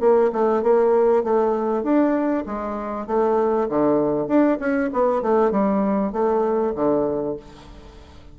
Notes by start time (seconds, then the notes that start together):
0.00 A#3
0.32 A3
0.63 A#3
1.24 A3
1.83 D4
2.46 G#3
3.07 A3
3.69 D3
4.27 D4
4.59 C#4
4.93 B3
5.22 A3
5.51 G3
6.13 A3
6.75 D3